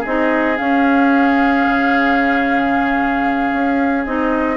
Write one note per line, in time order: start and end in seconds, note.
0.00 0.59 C4
0.00 4.55 G#4
0.00 0.57 D#5
0.06 0.57 D#4
0.57 4.05 C#4
0.57 1.67 C#4
0.57 4.05 F5
1.67 3.53 C#3
3.53 4.06 C#4
4.05 4.57 C4
4.05 4.57 D#4
4.05 4.57 D#5